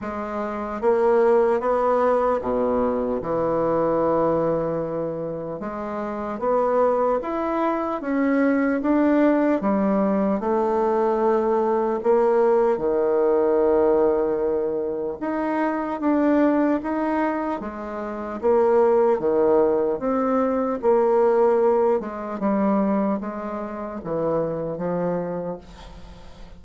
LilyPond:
\new Staff \with { instrumentName = "bassoon" } { \time 4/4 \tempo 4 = 75 gis4 ais4 b4 b,4 | e2. gis4 | b4 e'4 cis'4 d'4 | g4 a2 ais4 |
dis2. dis'4 | d'4 dis'4 gis4 ais4 | dis4 c'4 ais4. gis8 | g4 gis4 e4 f4 | }